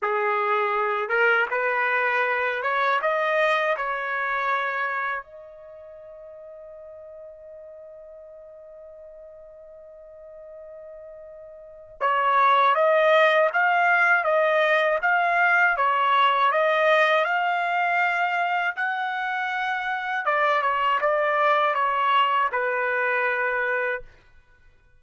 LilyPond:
\new Staff \with { instrumentName = "trumpet" } { \time 4/4 \tempo 4 = 80 gis'4. ais'8 b'4. cis''8 | dis''4 cis''2 dis''4~ | dis''1~ | dis''1 |
cis''4 dis''4 f''4 dis''4 | f''4 cis''4 dis''4 f''4~ | f''4 fis''2 d''8 cis''8 | d''4 cis''4 b'2 | }